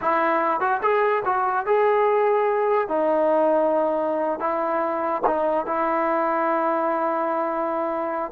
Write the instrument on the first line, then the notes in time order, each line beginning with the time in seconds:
trombone
0.01 E4
0.60 F#4
0.82 G#4
1.25 F#4
1.66 G#4
2.88 D#4
4.39 E4
5.26 D#4
5.66 E4